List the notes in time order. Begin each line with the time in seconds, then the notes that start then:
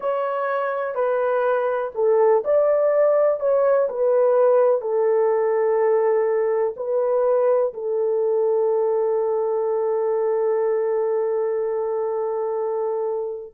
0.00 C#5
0.95 B4
1.94 A4
2.44 D5
3.40 C#5
3.89 B4
4.81 A4
6.76 B4
7.73 A4